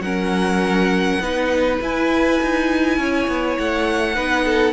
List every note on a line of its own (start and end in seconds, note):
0.00 1.18 F#3
0.00 1.21 C#4
0.00 1.22 A#4
0.00 1.77 F#5
1.20 1.78 B3
1.20 1.81 D#4
1.20 2.98 B4
1.81 2.40 E4
1.81 4.15 E4
1.81 3.58 G#5
2.41 2.97 D#4
2.97 3.27 C#4
2.97 4.15 C#5
3.27 3.57 B3
3.58 4.17 A3
3.58 4.72 F#5
4.15 4.72 B3
4.15 4.72 D#4
4.15 4.44 B4
4.45 4.72 A4